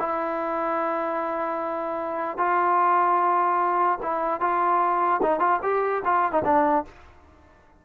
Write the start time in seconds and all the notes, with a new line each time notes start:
0.00 E4
2.38 F4
4.03 E4
4.41 F4
5.23 D#4
5.40 F4
5.63 G4
6.05 F4
6.33 D#4
6.45 D4